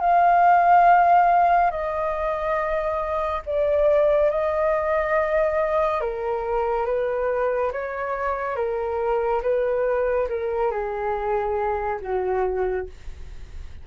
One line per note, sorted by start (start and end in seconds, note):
0.00 1.71 F5
1.71 3.42 D#5
3.46 4.31 D5
4.31 6.01 D#5
6.01 6.86 A#4
6.86 7.71 B4
7.72 8.56 C#5
8.56 9.42 A#4
9.42 10.28 B4
10.29 10.71 A#4
10.71 12.00 G#4
12.01 12.87 F#4